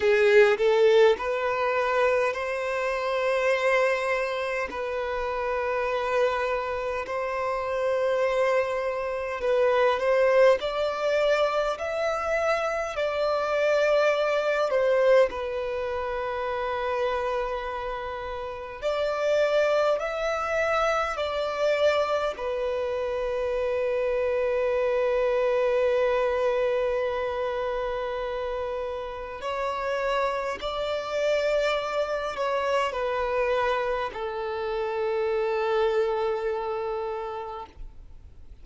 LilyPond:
\new Staff \with { instrumentName = "violin" } { \time 4/4 \tempo 4 = 51 gis'8 a'8 b'4 c''2 | b'2 c''2 | b'8 c''8 d''4 e''4 d''4~ | d''8 c''8 b'2. |
d''4 e''4 d''4 b'4~ | b'1~ | b'4 cis''4 d''4. cis''8 | b'4 a'2. | }